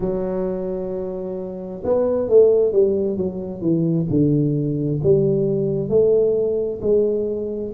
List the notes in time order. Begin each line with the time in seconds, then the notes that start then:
0.00 F#3
1.83 B3
2.29 A3
2.72 G3
3.17 F#3
3.61 E3
4.10 D3
5.02 G3
5.89 A3
6.81 G#3